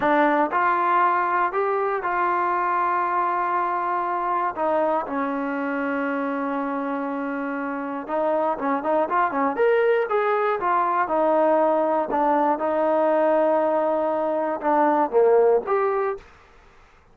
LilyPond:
\new Staff \with { instrumentName = "trombone" } { \time 4/4 \tempo 4 = 119 d'4 f'2 g'4 | f'1~ | f'4 dis'4 cis'2~ | cis'1 |
dis'4 cis'8 dis'8 f'8 cis'8 ais'4 | gis'4 f'4 dis'2 | d'4 dis'2.~ | dis'4 d'4 ais4 g'4 | }